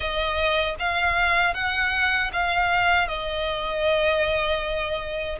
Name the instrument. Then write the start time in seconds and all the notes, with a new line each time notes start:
violin
0.00 D#5
0.79 F5
1.53 F#5
2.33 F5
3.08 D#5